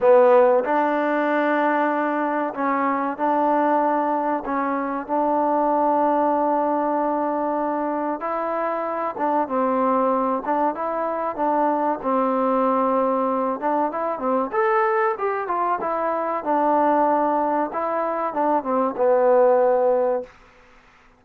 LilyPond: \new Staff \with { instrumentName = "trombone" } { \time 4/4 \tempo 4 = 95 b4 d'2. | cis'4 d'2 cis'4 | d'1~ | d'4 e'4. d'8 c'4~ |
c'8 d'8 e'4 d'4 c'4~ | c'4. d'8 e'8 c'8 a'4 | g'8 f'8 e'4 d'2 | e'4 d'8 c'8 b2 | }